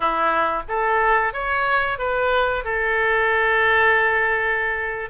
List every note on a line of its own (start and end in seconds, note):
0.00 0.63 E4
0.68 1.33 A4
1.33 1.98 C#5
1.98 2.64 B4
2.64 5.10 A4